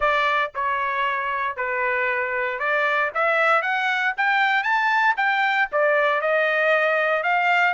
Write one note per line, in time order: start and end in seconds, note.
0.00 0.51 D5
0.54 1.56 C#5
1.56 2.59 B4
2.59 3.10 D5
3.14 3.61 E5
3.61 4.13 F#5
4.17 4.63 G5
4.63 5.15 A5
5.17 5.68 G5
5.72 6.21 D5
6.21 7.23 D#5
7.23 7.74 F5